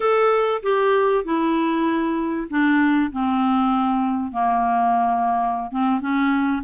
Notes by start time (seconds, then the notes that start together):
0.00 A4
0.62 G4
1.24 E4
2.49 D4
3.12 C4
4.32 A#3
5.71 C4
6.01 C#4